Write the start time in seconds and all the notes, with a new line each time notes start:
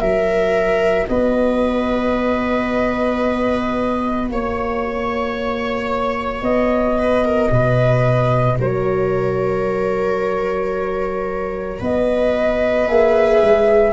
0.00 F#3 F#4 A#4 E5
1.08 B3 B4 D#5
4.30 A#3 C#5
6.42 B3 D#5
6.98 B4
7.25 A#4
7.51 B2 B4
8.59 F#3 A#4 C#5
11.79 B3 B4 D#5
12.87 A#3 G#4 E5
13.43 G#3